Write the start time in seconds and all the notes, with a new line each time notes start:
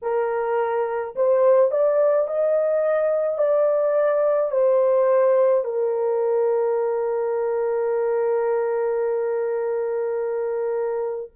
0.02 A#4
1.15 C5
1.71 D5
2.27 D#5
3.38 D5
4.51 C5
5.64 A#4